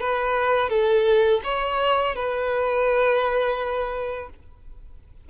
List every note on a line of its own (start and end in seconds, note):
0.00 0.69 B4
0.69 1.41 A4
1.44 2.15 C#5
2.15 4.29 B4